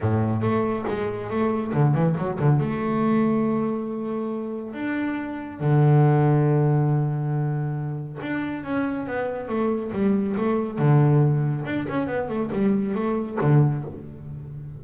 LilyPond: \new Staff \with { instrumentName = "double bass" } { \time 4/4 \tempo 4 = 139 a,4 a4 gis4 a4 | d8 e8 fis8 d8 a2~ | a2. d'4~ | d'4 d2.~ |
d2. d'4 | cis'4 b4 a4 g4 | a4 d2 d'8 cis'8 | b8 a8 g4 a4 d4 | }